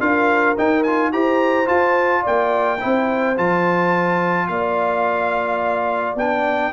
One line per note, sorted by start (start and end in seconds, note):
0.00 0.56 D4
0.00 0.56 F4
0.00 1.13 A#4
0.00 0.57 F5
0.58 0.86 D#4
0.58 1.13 D#4
0.58 0.83 G5
0.83 1.12 F4
0.83 1.11 G#5
1.12 1.69 E4
1.12 1.65 G4
1.12 2.22 C5
1.12 1.68 A#5
1.65 2.78 F4
1.65 2.26 F4
1.65 2.24 A5
2.22 2.83 A#3
2.22 2.78 D5
2.22 3.37 G5
2.80 3.38 C4
2.80 3.36 E4
2.80 4.48 C5
3.37 4.49 F3
3.37 6.17 F4
3.37 4.47 A5
4.47 6.16 A#3
4.47 6.72 D5
4.47 6.16 F5
6.16 6.72 B3
6.16 6.72 D4
6.16 6.72 G5